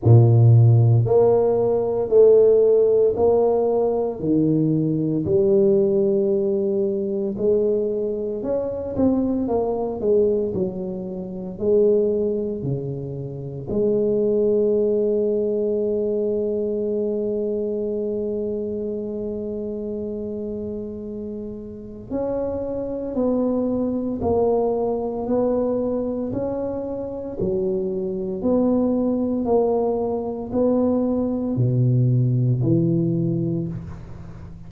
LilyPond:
\new Staff \with { instrumentName = "tuba" } { \time 4/4 \tempo 4 = 57 ais,4 ais4 a4 ais4 | dis4 g2 gis4 | cis'8 c'8 ais8 gis8 fis4 gis4 | cis4 gis2.~ |
gis1~ | gis4 cis'4 b4 ais4 | b4 cis'4 fis4 b4 | ais4 b4 b,4 e4 | }